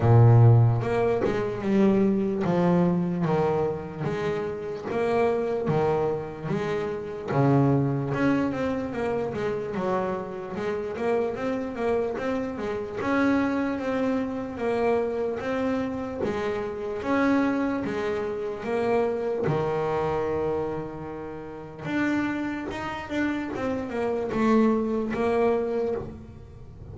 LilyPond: \new Staff \with { instrumentName = "double bass" } { \time 4/4 \tempo 4 = 74 ais,4 ais8 gis8 g4 f4 | dis4 gis4 ais4 dis4 | gis4 cis4 cis'8 c'8 ais8 gis8 | fis4 gis8 ais8 c'8 ais8 c'8 gis8 |
cis'4 c'4 ais4 c'4 | gis4 cis'4 gis4 ais4 | dis2. d'4 | dis'8 d'8 c'8 ais8 a4 ais4 | }